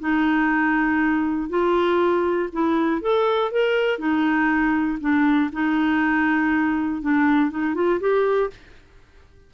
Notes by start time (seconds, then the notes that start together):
0.00 D#4
1.50 F4
2.53 E4
3.02 A4
3.52 A#4
3.99 D#4
5.01 D4
5.53 D#4
7.02 D4
7.51 D#4
7.75 F4
8.00 G4